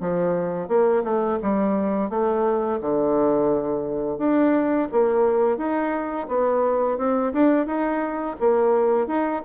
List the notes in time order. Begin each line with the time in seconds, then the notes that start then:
0.00 F3
0.68 A#3
1.03 A3
1.42 G3
2.09 A3
2.81 D3
4.18 D4
4.92 A#3
5.57 D#4
6.28 B3
6.97 C4
7.33 D4
7.66 D#4
8.39 A#3
9.06 D#4